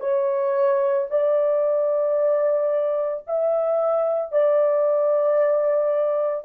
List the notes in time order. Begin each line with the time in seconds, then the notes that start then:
0.00 C#5
1.10 D5
3.27 E5
4.32 D5